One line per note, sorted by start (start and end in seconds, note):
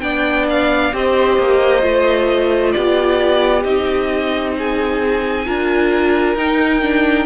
0.00 0.93 B3
0.00 0.92 D4
0.00 0.93 D5
0.00 0.45 G5
0.50 0.95 F5
0.92 1.38 C4
0.92 1.81 G4
0.92 2.74 C5
0.92 2.72 D#5
1.38 1.83 A#3
1.81 2.74 A3
1.81 3.63 F4
2.72 3.64 B3
2.72 4.56 G4
2.72 3.63 D5
3.63 5.46 C4
3.63 5.45 D#4
3.63 4.54 D#5
4.58 5.46 G#4
4.58 6.37 G#5
5.45 6.35 D4
5.45 6.36 F4
5.45 7.26 A#4
6.35 7.26 D#4
6.35 6.82 D#4
6.35 7.26 G5
6.82 7.26 D4